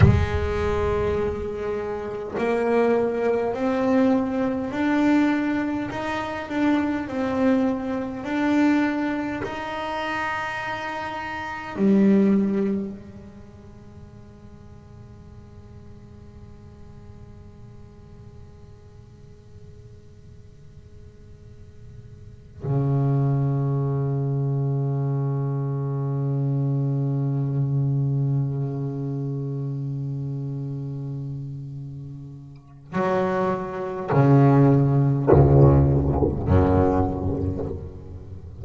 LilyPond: \new Staff \with { instrumentName = "double bass" } { \time 4/4 \tempo 4 = 51 gis2 ais4 c'4 | d'4 dis'8 d'8 c'4 d'4 | dis'2 g4 gis4~ | gis1~ |
gis2.~ gis16 cis8.~ | cis1~ | cis1 | fis4 cis4 cis,4 fis,4 | }